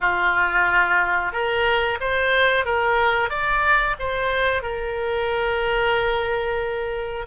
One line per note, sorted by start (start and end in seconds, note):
0.01 1.32 F4
1.32 1.98 A#4
2.00 2.65 C5
2.65 3.29 A#4
3.29 3.95 D5
3.99 4.62 C5
4.62 7.26 A#4